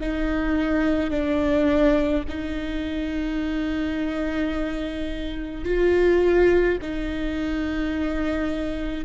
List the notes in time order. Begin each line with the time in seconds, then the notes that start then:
0.00 D#4
1.11 D4
2.29 D#4
5.66 F4
6.82 D#4